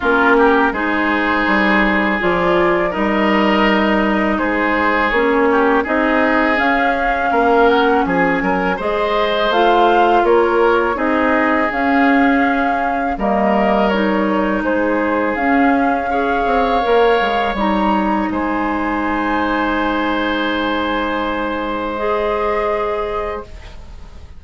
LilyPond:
<<
  \new Staff \with { instrumentName = "flute" } { \time 4/4 \tempo 4 = 82 ais'4 c''2 d''4 | dis''2 c''4 cis''4 | dis''4 f''4. fis''8 gis''4 | dis''4 f''4 cis''4 dis''4 |
f''2 dis''4 cis''4 | c''4 f''2. | ais''4 gis''2.~ | gis''2 dis''2 | }
  \new Staff \with { instrumentName = "oboe" } { \time 4/4 f'8 g'8 gis'2. | ais'2 gis'4. g'8 | gis'2 ais'4 gis'8 ais'8 | c''2 ais'4 gis'4~ |
gis'2 ais'2 | gis'2 cis''2~ | cis''4 c''2.~ | c''1 | }
  \new Staff \with { instrumentName = "clarinet" } { \time 4/4 cis'4 dis'2 f'4 | dis'2. cis'4 | dis'4 cis'2. | gis'4 f'2 dis'4 |
cis'2 ais4 dis'4~ | dis'4 cis'4 gis'4 ais'4 | dis'1~ | dis'2 gis'2 | }
  \new Staff \with { instrumentName = "bassoon" } { \time 4/4 ais4 gis4 g4 f4 | g2 gis4 ais4 | c'4 cis'4 ais4 f8 fis8 | gis4 a4 ais4 c'4 |
cis'2 g2 | gis4 cis'4. c'8 ais8 gis8 | g4 gis2.~ | gis1 | }
>>